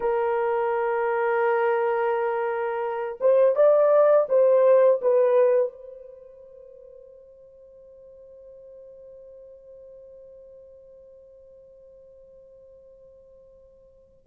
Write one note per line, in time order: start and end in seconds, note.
0.00 3.18 A#4
3.20 3.55 C5
3.55 4.27 D5
4.29 5.00 C5
5.01 5.72 B4
5.72 14.27 C5